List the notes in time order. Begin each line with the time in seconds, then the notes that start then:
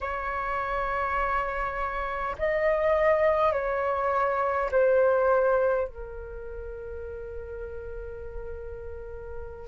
0.00 C#5
2.38 D#5
3.52 C#5
4.71 C5
5.87 A#4